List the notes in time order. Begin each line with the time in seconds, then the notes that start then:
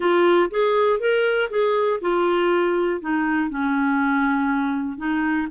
0.00 F4
0.50 G#4
0.99 A#4
1.50 G#4
2.01 F4
3.00 D#4
3.49 C#4
4.97 D#4